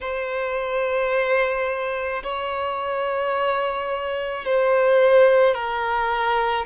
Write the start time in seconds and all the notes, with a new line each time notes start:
0.00 C5
2.23 C#5
4.44 C5
5.54 A#4